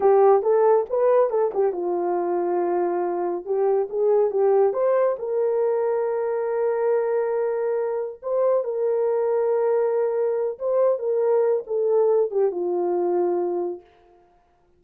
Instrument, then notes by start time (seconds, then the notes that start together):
horn
0.00 G4
0.42 A4
0.89 B4
1.30 A4
1.53 G4
1.72 F4
3.45 G4
3.89 G#4
4.30 G4
4.73 C5
5.18 A#4
8.22 C5
8.64 A#4
10.58 C5
10.98 A#4
11.66 A4
12.30 G4
12.51 F4